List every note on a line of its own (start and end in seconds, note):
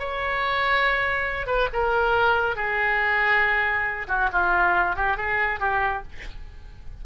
0.00 1.47 C#5
1.47 1.69 B4
1.73 2.56 A#4
2.56 4.07 G#4
4.08 4.30 F#4
4.33 4.96 F4
4.96 5.17 G4
5.17 5.60 G#4
5.60 6.03 G4